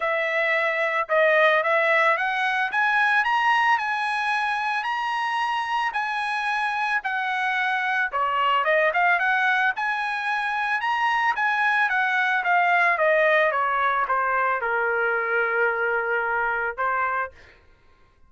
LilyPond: \new Staff \with { instrumentName = "trumpet" } { \time 4/4 \tempo 4 = 111 e''2 dis''4 e''4 | fis''4 gis''4 ais''4 gis''4~ | gis''4 ais''2 gis''4~ | gis''4 fis''2 cis''4 |
dis''8 f''8 fis''4 gis''2 | ais''4 gis''4 fis''4 f''4 | dis''4 cis''4 c''4 ais'4~ | ais'2. c''4 | }